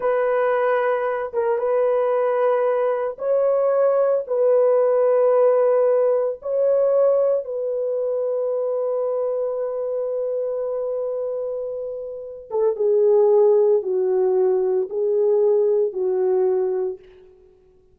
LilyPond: \new Staff \with { instrumentName = "horn" } { \time 4/4 \tempo 4 = 113 b'2~ b'8 ais'8 b'4~ | b'2 cis''2 | b'1 | cis''2 b'2~ |
b'1~ | b'2.~ b'8 a'8 | gis'2 fis'2 | gis'2 fis'2 | }